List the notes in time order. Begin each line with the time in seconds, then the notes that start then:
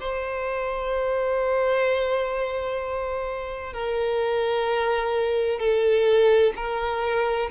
0.00 C5
3.73 A#4
5.60 A4
6.56 A#4